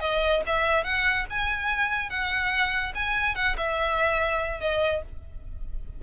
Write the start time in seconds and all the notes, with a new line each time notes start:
0.00 D#5
0.46 E5
0.84 F#5
1.30 G#5
2.10 F#5
2.95 G#5
3.35 F#5
3.58 E5
4.60 D#5